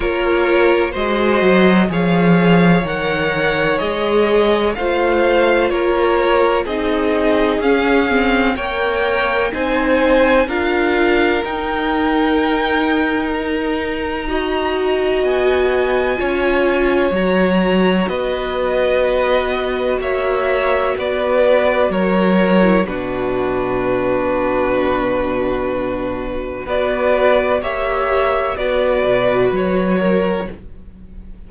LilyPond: <<
  \new Staff \with { instrumentName = "violin" } { \time 4/4 \tempo 4 = 63 cis''4 dis''4 f''4 fis''4 | dis''4 f''4 cis''4 dis''4 | f''4 g''4 gis''4 f''4 | g''2 ais''2 |
gis''2 ais''4 dis''4~ | dis''4 e''4 d''4 cis''4 | b'1 | d''4 e''4 d''4 cis''4 | }
  \new Staff \with { instrumentName = "violin" } { \time 4/4 ais'4 c''4 cis''2~ | cis''4 c''4 ais'4 gis'4~ | gis'4 cis''4 c''4 ais'4~ | ais'2. dis''4~ |
dis''4 cis''2 b'4~ | b'4 cis''4 b'4 ais'4 | fis'1 | b'4 cis''4 b'4. ais'8 | }
  \new Staff \with { instrumentName = "viola" } { \time 4/4 f'4 fis'4 gis'4 ais'4 | gis'4 f'2 dis'4 | cis'8 c'8 ais'4 dis'4 f'4 | dis'2. fis'4~ |
fis'4 f'4 fis'2~ | fis'2.~ fis'8. e'16 | d'1 | fis'4 g'4 fis'2 | }
  \new Staff \with { instrumentName = "cello" } { \time 4/4 ais4 gis8 fis8 f4 dis4 | gis4 a4 ais4 c'4 | cis'4 ais4 c'4 d'4 | dis'1 |
b4 cis'4 fis4 b4~ | b4 ais4 b4 fis4 | b,1 | b4 ais4 b8 b,8 fis4 | }
>>